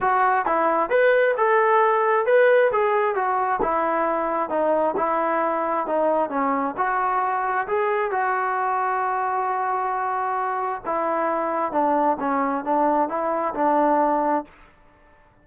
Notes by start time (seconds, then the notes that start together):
0.00 F#4
0.45 E4
0.89 B4
1.37 A4
2.26 B4
2.71 G#4
3.15 F#4
3.62 E4
4.49 D#4
4.96 E4
5.86 D#4
6.29 C#4
6.77 F#4
7.67 G#4
8.11 F#4
10.85 E4
11.72 D4
12.19 C#4
12.64 D4
13.08 E4
13.54 D4